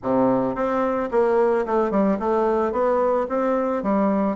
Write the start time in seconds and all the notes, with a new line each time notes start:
0.02 C3
0.55 C4
1.11 A#3
1.66 A3
1.90 G3
2.19 A3
2.72 B3
3.29 C4
3.82 G3